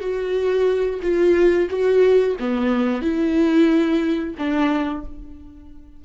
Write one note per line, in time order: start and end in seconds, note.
0.00 1.00 F#4
1.02 1.68 F4
1.70 2.36 F#4
2.39 3.02 B3
3.02 4.35 E4
4.38 5.04 D4